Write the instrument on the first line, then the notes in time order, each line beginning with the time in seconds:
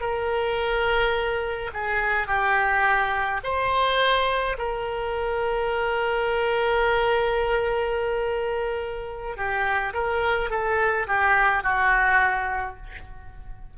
oboe
0.00 A#4
1.73 G#4
2.27 G4
3.43 C5
4.57 A#4
9.37 G4
9.94 A#4
10.50 A4
11.07 G4
11.63 F#4